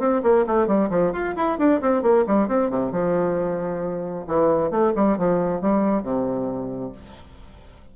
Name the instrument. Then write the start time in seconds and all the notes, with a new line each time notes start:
bassoon
0.00 C4
0.23 A#3
0.47 A3
0.67 G3
0.90 F3
1.13 F4
1.36 E4
1.59 D4
1.82 C4
2.03 A#3
2.27 G3
2.48 C4
2.70 C3
2.92 F3
4.27 E3
4.71 A3
4.96 G3
5.18 F3
5.61 G3
6.03 C3